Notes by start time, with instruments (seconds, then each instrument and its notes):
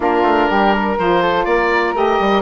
0.00 bassoon A#3, saxophone D4, flute F4, oboe A#4
0.22 bassoon A3
0.49 bassoon G3, flute G4
0.73 flute A#4
0.98 bassoon F3, saxophone F4, oboe C5
1.22 flute A4
1.45 bassoon A#3, flute A#4, oboe D5
1.94 bassoon A3, saxophone G4, oboe D#5
2.19 bassoon G3